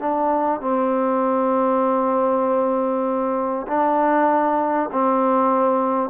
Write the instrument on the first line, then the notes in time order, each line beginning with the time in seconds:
trombone
0.00 D4
0.61 C4
3.68 D4
4.92 C4